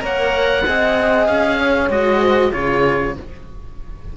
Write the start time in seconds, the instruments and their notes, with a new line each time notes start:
0.00 cello A#3 A#4, horn C#5, oboe F#5
0.67 cello C4 G#4, horn D#5
1.27 cello C#4, oboe F5
1.59 horn C#5
1.90 cello G#3 F#4, oboe D#5
2.21 horn C5
2.51 cello C#3 F4, horn G#4, oboe C#5